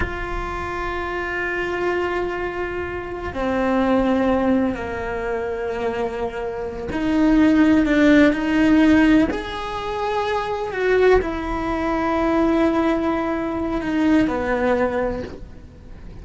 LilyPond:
\new Staff \with { instrumentName = "cello" } { \time 4/4 \tempo 4 = 126 f'1~ | f'2. c'4~ | c'2 ais2~ | ais2~ ais8 dis'4.~ |
dis'8 d'4 dis'2 gis'8~ | gis'2~ gis'8 fis'4 e'8~ | e'1~ | e'4 dis'4 b2 | }